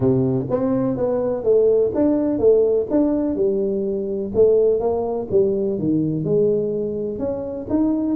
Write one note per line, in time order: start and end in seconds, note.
0.00 0.46 C3
0.50 0.96 C4
0.96 1.43 B3
1.43 1.91 A3
1.94 2.38 D4
2.38 2.86 A3
2.90 3.35 D4
3.35 4.31 G3
4.34 4.79 A3
4.79 5.27 A#3
5.30 5.78 G3
5.78 6.24 D#3
6.24 7.18 G#3
7.18 7.66 C#4
7.69 8.15 D#4